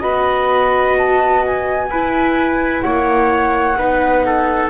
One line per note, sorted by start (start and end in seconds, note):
0.00 1.90 B3
0.00 1.88 F#4
0.00 1.88 D#5
0.00 0.96 B5
0.98 1.45 A5
1.46 2.81 G#5
1.90 2.83 E4
1.90 3.78 E4
1.90 2.84 B4
2.81 3.77 A#3
2.81 3.78 C#5
2.81 4.69 F#5
3.77 4.71 B3
3.77 4.71 D#4
3.77 4.25 B4
4.26 4.71 A4